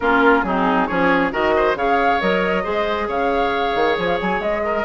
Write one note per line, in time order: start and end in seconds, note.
0.00 0.43 A#3
0.00 0.45 C#4
0.00 0.45 F4
0.00 0.42 A#4
0.42 0.87 F#3
0.42 0.89 C4
0.42 0.88 D#4
0.42 0.86 G#4
0.86 1.31 F3
0.86 1.31 C#4
0.86 1.32 G#4
0.86 1.31 C#5
1.31 1.75 D#3
1.31 1.75 F#4
1.31 1.54 A#4
1.31 1.76 D#5
1.56 1.77 C5
1.75 2.19 C#3
1.75 2.20 G#4
1.75 2.63 C#5
1.75 2.20 F5
2.20 2.65 F#3
2.20 2.63 A#4
2.20 3.09 D#5
2.63 3.08 G#3
2.63 4.84 G#4
2.63 3.07 C5
3.08 3.74 C#3
3.08 4.62 C#5
3.08 3.97 F5
3.75 3.97 D#3
3.98 4.20 F3
3.98 4.07 G#5
4.07 4.18 F5
4.20 4.39 F#3
4.20 4.41 G#5
4.39 4.83 G#3
4.39 4.84 D#5
4.64 4.84 A#4